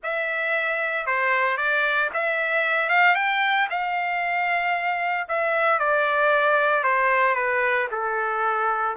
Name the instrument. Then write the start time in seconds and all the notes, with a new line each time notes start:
trumpet
0.03 E5
1.06 C5
1.57 D5
2.13 E5
2.89 F5
3.15 G5
3.69 F5
5.28 E5
5.79 D5
6.83 C5
7.35 B4
7.91 A4